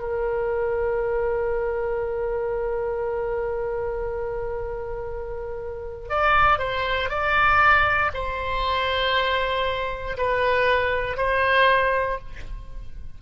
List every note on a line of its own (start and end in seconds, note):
0.00 6.10 A#4
6.10 6.59 D5
6.59 7.10 C5
7.10 8.11 D5
8.14 10.17 C5
10.17 11.17 B4
11.17 12.19 C5